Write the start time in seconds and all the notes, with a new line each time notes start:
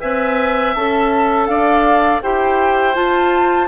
0.00 C4 B4 E5 G#5
0.74 C#4 A4 A5
1.47 D4 D5 F5
2.22 E4 G4 C5 G5
2.94 F4 A5